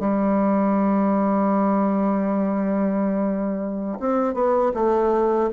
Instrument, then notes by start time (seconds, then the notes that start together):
bassoon
0.00 G3
4.00 C4
4.34 B3
4.75 A3